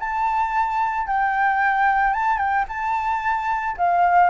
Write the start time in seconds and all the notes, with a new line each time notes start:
0.00 A5
1.07 G5
2.14 A5
2.38 G5
2.68 A5
3.78 F5